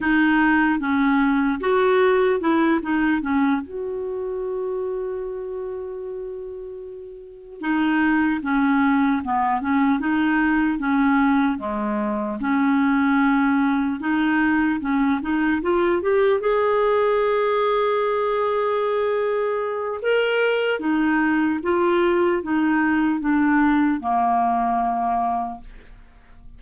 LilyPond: \new Staff \with { instrumentName = "clarinet" } { \time 4/4 \tempo 4 = 75 dis'4 cis'4 fis'4 e'8 dis'8 | cis'8 fis'2.~ fis'8~ | fis'4. dis'4 cis'4 b8 | cis'8 dis'4 cis'4 gis4 cis'8~ |
cis'4. dis'4 cis'8 dis'8 f'8 | g'8 gis'2.~ gis'8~ | gis'4 ais'4 dis'4 f'4 | dis'4 d'4 ais2 | }